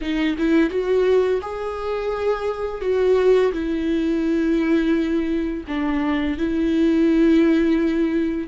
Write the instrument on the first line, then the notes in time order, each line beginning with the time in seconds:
viola
0.01 D#4
0.38 E4
0.70 F#4
1.41 G#4
2.81 F#4
3.52 E4
5.67 D4
6.37 E4